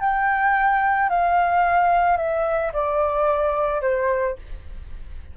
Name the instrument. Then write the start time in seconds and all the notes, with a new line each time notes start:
flute
0.00 G5
1.09 F5
2.17 E5
2.73 D5
3.81 C5